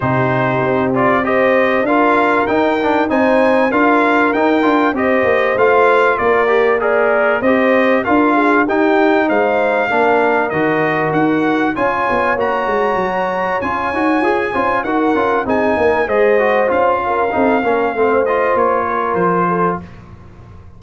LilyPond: <<
  \new Staff \with { instrumentName = "trumpet" } { \time 4/4 \tempo 4 = 97 c''4. d''8 dis''4 f''4 | g''4 gis''4 f''4 g''4 | dis''4 f''4 d''4 ais'4 | dis''4 f''4 g''4 f''4~ |
f''4 dis''4 fis''4 gis''4 | ais''2 gis''2 | fis''4 gis''4 dis''4 f''4~ | f''4. dis''8 cis''4 c''4 | }
  \new Staff \with { instrumentName = "horn" } { \time 4/4 g'2 c''4 ais'4~ | ais'4 c''4 ais'2 | c''2 ais'4 d''4 | c''4 ais'8 gis'8 g'4 c''4 |
ais'2. cis''4~ | cis''2.~ cis''8 c''8 | ais'4 gis'8 ais'8 c''4. ais'8 | a'8 ais'8 c''4. ais'4 a'8 | }
  \new Staff \with { instrumentName = "trombone" } { \time 4/4 dis'4. f'8 g'4 f'4 | dis'8 d'8 dis'4 f'4 dis'8 f'8 | g'4 f'4. g'8 gis'4 | g'4 f'4 dis'2 |
d'4 fis'2 f'4 | fis'2 f'8 fis'8 gis'8 f'8 | fis'8 f'8 dis'4 gis'8 fis'8 f'4 | dis'8 cis'8 c'8 f'2~ f'8 | }
  \new Staff \with { instrumentName = "tuba" } { \time 4/4 c4 c'2 d'4 | dis'4 c'4 d'4 dis'8 d'8 | c'8 ais8 a4 ais2 | c'4 d'4 dis'4 gis4 |
ais4 dis4 dis'4 cis'8 b8 | ais8 gis8 fis4 cis'8 dis'8 f'8 cis'8 | dis'8 cis'8 c'8 ais8 gis4 cis'4 | c'8 ais8 a4 ais4 f4 | }
>>